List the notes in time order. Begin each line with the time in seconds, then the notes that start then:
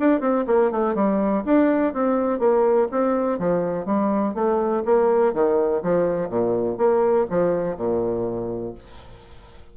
0.00 D4
0.21 C4
0.47 A#3
0.71 A3
0.95 G3
1.46 D4
1.94 C4
2.40 A#3
2.92 C4
3.39 F3
3.86 G3
4.35 A3
4.86 A#3
5.34 D#3
5.83 F3
6.30 A#2
6.78 A#3
7.31 F3
7.77 A#2